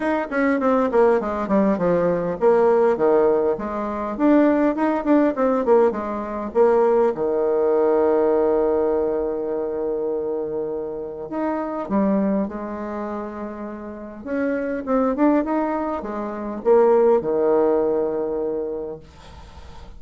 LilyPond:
\new Staff \with { instrumentName = "bassoon" } { \time 4/4 \tempo 4 = 101 dis'8 cis'8 c'8 ais8 gis8 g8 f4 | ais4 dis4 gis4 d'4 | dis'8 d'8 c'8 ais8 gis4 ais4 | dis1~ |
dis2. dis'4 | g4 gis2. | cis'4 c'8 d'8 dis'4 gis4 | ais4 dis2. | }